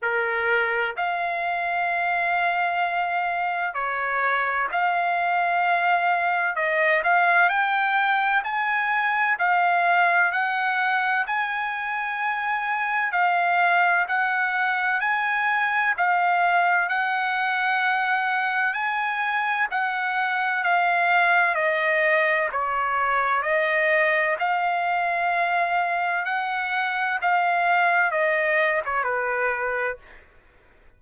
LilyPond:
\new Staff \with { instrumentName = "trumpet" } { \time 4/4 \tempo 4 = 64 ais'4 f''2. | cis''4 f''2 dis''8 f''8 | g''4 gis''4 f''4 fis''4 | gis''2 f''4 fis''4 |
gis''4 f''4 fis''2 | gis''4 fis''4 f''4 dis''4 | cis''4 dis''4 f''2 | fis''4 f''4 dis''8. cis''16 b'4 | }